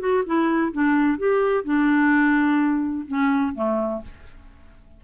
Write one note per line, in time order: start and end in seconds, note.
0.00 0.24 F#4
0.26 0.72 E4
0.72 1.18 D4
1.18 1.64 G4
1.64 3.06 D4
3.08 3.55 C#4
3.55 4.02 A3